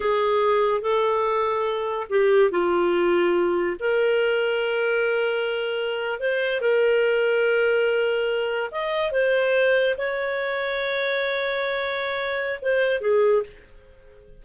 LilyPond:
\new Staff \with { instrumentName = "clarinet" } { \time 4/4 \tempo 4 = 143 gis'2 a'2~ | a'4 g'4 f'2~ | f'4 ais'2.~ | ais'2~ ais'8. c''4 ais'16~ |
ais'1~ | ais'8. dis''4 c''2 cis''16~ | cis''1~ | cis''2 c''4 gis'4 | }